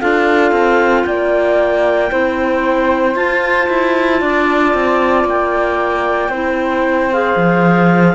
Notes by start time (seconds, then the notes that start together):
0.00 D4 F4 A4 F5
0.52 C4
1.04 A#3 D5 G5
2.10 C4 E4 C5
3.15 F4 A5
3.69 E4
4.20 D4 D5
4.74 C4
5.24 A#3 G5
6.28 C4 E4 C5
7.12 G#4 F5
7.36 F3